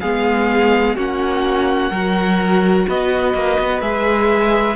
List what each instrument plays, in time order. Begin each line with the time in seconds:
0.00 cello G#3, viola B3, violin G#4 F5
0.96 cello A#3, viola C#4, violin F#4 F#5
1.90 cello F#3, viola F#4, violin A#4
2.88 cello B3, violin B4 D#5
3.34 cello A#3
3.59 cello B3
3.81 cello G#3, viola G#4, violin E5